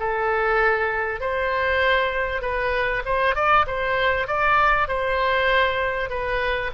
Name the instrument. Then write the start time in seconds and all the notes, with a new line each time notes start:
oboe
0.00 A4
1.21 C5
2.42 B4
3.05 C5
3.35 D5
3.67 C5
4.28 D5
4.88 C5
6.10 B4